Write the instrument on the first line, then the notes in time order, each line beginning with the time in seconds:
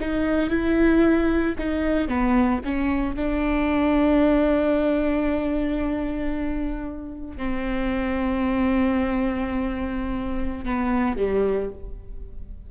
viola
0.00 D#4
0.50 E4
1.58 D#4
2.08 B3
2.64 C#4
3.16 D4
7.37 C4
10.65 B3
11.17 G3